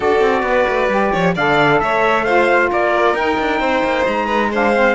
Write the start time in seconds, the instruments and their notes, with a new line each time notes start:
0.00 cello D4, saxophone F#4, violin A4, trumpet D5
0.20 cello C4
0.42 cello B3, violin B4
0.68 cello A3
0.88 cello G3, saxophone G4
1.11 cello F3, violin C#5
1.34 cello D3, saxophone A4, violin D5, trumpet F5
1.80 cello A3, violin C#5, trumpet E5
2.23 saxophone F4, violin C5, trumpet F5
2.70 cello A#3, violin A#4, trumpet D5
3.14 cello D#4, saxophone D#4, trumpet G5
3.39 cello D4
3.59 cello C4, violin C5
3.83 cello A#3
4.06 cello G#3, trumpet A#5
4.25 violin B4
4.51 saxophone D4, violin C5, trumpet F5
4.74 saxophone C4